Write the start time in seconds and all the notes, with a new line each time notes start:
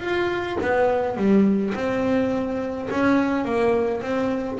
0.00 F4
0.61 B3
1.17 G3
1.75 C4
2.90 C#4
3.45 A#3
4.02 C4